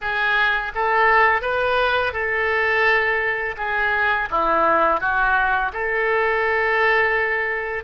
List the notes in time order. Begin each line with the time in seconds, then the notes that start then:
0.01 G#4
0.74 A4
1.41 B4
2.12 A4
3.57 G#4
4.30 E4
5.00 F#4
5.72 A4